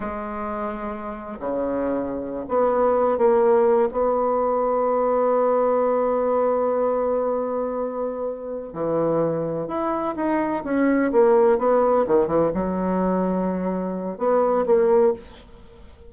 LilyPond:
\new Staff \with { instrumentName = "bassoon" } { \time 4/4 \tempo 4 = 127 gis2. cis4~ | cis4~ cis16 b4. ais4~ ais16~ | ais16 b2.~ b8.~ | b1~ |
b2~ b8 e4.~ | e8 e'4 dis'4 cis'4 ais8~ | ais8 b4 dis8 e8 fis4.~ | fis2 b4 ais4 | }